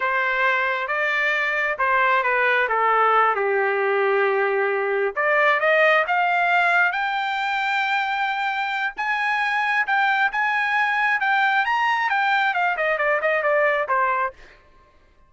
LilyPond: \new Staff \with { instrumentName = "trumpet" } { \time 4/4 \tempo 4 = 134 c''2 d''2 | c''4 b'4 a'4. g'8~ | g'2.~ g'8 d''8~ | d''8 dis''4 f''2 g''8~ |
g''1 | gis''2 g''4 gis''4~ | gis''4 g''4 ais''4 g''4 | f''8 dis''8 d''8 dis''8 d''4 c''4 | }